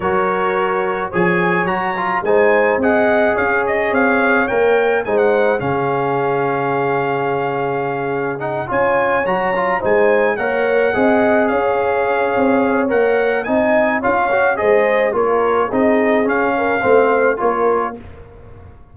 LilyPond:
<<
  \new Staff \with { instrumentName = "trumpet" } { \time 4/4 \tempo 4 = 107 cis''2 gis''4 ais''4 | gis''4 fis''4 f''8 dis''8 f''4 | g''4 gis''16 fis''8. f''2~ | f''2. fis''8 gis''8~ |
gis''8 ais''4 gis''4 fis''4.~ | fis''8 f''2~ f''8 fis''4 | gis''4 f''4 dis''4 cis''4 | dis''4 f''2 cis''4 | }
  \new Staff \with { instrumentName = "horn" } { \time 4/4 ais'2 cis''2 | c''4 dis''4 cis''2~ | cis''4 c''4 gis'2~ | gis'2.~ gis'8 cis''8~ |
cis''4. c''4 cis''4 dis''8~ | dis''8 cis''2.~ cis''8 | dis''4 cis''4 c''4 ais'4 | gis'4. ais'8 c''4 ais'4 | }
  \new Staff \with { instrumentName = "trombone" } { \time 4/4 fis'2 gis'4 fis'8 f'8 | dis'4 gis'2. | ais'4 dis'4 cis'2~ | cis'2. dis'8 f'8~ |
f'8 fis'8 f'8 dis'4 ais'4 gis'8~ | gis'2. ais'4 | dis'4 f'8 fis'8 gis'4 f'4 | dis'4 cis'4 c'4 f'4 | }
  \new Staff \with { instrumentName = "tuba" } { \time 4/4 fis2 f4 fis4 | gis4 c'4 cis'4 c'4 | ais4 gis4 cis2~ | cis2.~ cis8 cis'8~ |
cis'8 fis4 gis4 ais4 c'8~ | c'8 cis'4. c'4 ais4 | c'4 cis'4 gis4 ais4 | c'4 cis'4 a4 ais4 | }
>>